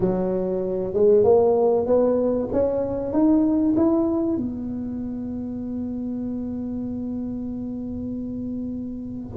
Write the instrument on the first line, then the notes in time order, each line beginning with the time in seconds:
tuba
0.00 F#3
0.93 G#3
1.23 A#3
1.86 B3
2.52 C#4
3.12 D#4
3.76 E4
4.37 B3